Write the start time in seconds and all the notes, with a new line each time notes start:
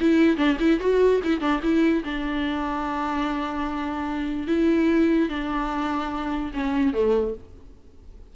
0.00 E4
0.37 D4
0.59 E4
0.80 F#4
1.24 E4
1.40 D4
1.62 E4
2.04 D4
4.47 E4
5.29 D4
6.54 C#4
6.93 A3